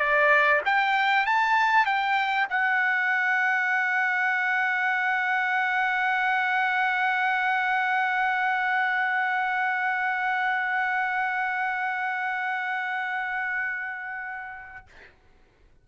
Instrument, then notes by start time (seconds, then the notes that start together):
trumpet
0.00 D5
0.66 G5
1.27 A5
1.86 G5
2.50 F#5